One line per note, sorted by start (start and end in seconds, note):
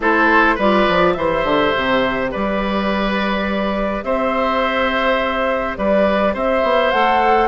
0.00 0.56 A3
0.00 0.58 E4
0.00 0.55 A4
0.00 0.58 C5
0.55 0.87 G3
0.55 1.16 F4
0.55 1.13 B4
0.55 1.12 D5
0.88 1.16 F3
1.12 1.44 E3
1.12 6.93 G4
1.12 2.31 C5
1.12 2.28 E5
1.44 1.72 D3
1.76 2.34 C3
2.31 4.03 G3
2.31 4.04 B4
2.31 4.03 D5
4.03 5.76 C4
4.03 5.77 C5
4.03 5.76 E5
5.76 6.34 G3
5.76 6.33 B4
5.76 6.34 D5
6.33 6.63 C4
6.33 7.48 C5
6.33 6.91 E5
6.63 6.92 B3
6.91 7.48 A3
6.91 7.48 A4
6.91 7.48 F#5